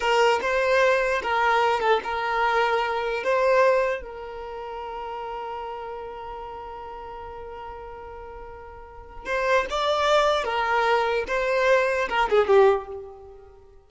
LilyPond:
\new Staff \with { instrumentName = "violin" } { \time 4/4 \tempo 4 = 149 ais'4 c''2 ais'4~ | ais'8 a'8 ais'2. | c''2 ais'2~ | ais'1~ |
ais'1~ | ais'2. c''4 | d''2 ais'2 | c''2 ais'8 gis'8 g'4 | }